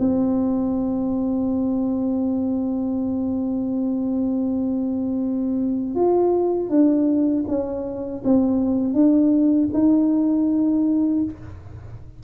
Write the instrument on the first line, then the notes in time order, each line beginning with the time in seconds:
tuba
0.00 C4
5.96 F4
6.70 D4
7.48 C#4
8.25 C4
8.94 D4
9.74 D#4